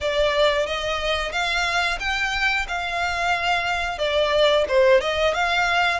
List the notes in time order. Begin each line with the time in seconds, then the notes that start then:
0.01 D5
0.66 D#5
1.32 F5
1.99 G5
2.68 F5
3.98 D5
4.68 C5
5.00 D#5
5.34 F5